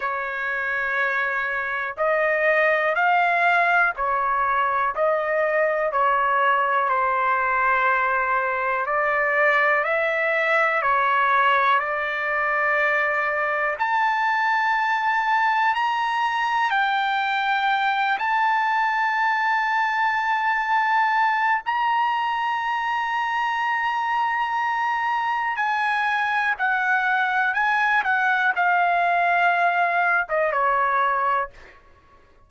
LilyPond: \new Staff \with { instrumentName = "trumpet" } { \time 4/4 \tempo 4 = 61 cis''2 dis''4 f''4 | cis''4 dis''4 cis''4 c''4~ | c''4 d''4 e''4 cis''4 | d''2 a''2 |
ais''4 g''4. a''4.~ | a''2 ais''2~ | ais''2 gis''4 fis''4 | gis''8 fis''8 f''4.~ f''16 dis''16 cis''4 | }